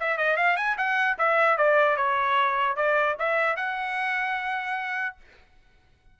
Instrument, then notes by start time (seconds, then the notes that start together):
trumpet
0.00 E5
0.18 D#5
0.37 F5
0.57 G#5
0.78 F#5
1.19 E5
1.58 D5
1.97 C#5
2.77 D5
3.19 E5
3.57 F#5